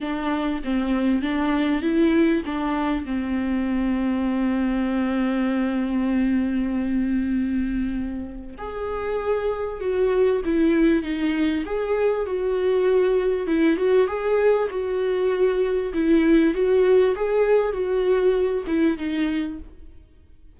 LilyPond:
\new Staff \with { instrumentName = "viola" } { \time 4/4 \tempo 4 = 98 d'4 c'4 d'4 e'4 | d'4 c'2.~ | c'1~ | c'2 gis'2 |
fis'4 e'4 dis'4 gis'4 | fis'2 e'8 fis'8 gis'4 | fis'2 e'4 fis'4 | gis'4 fis'4. e'8 dis'4 | }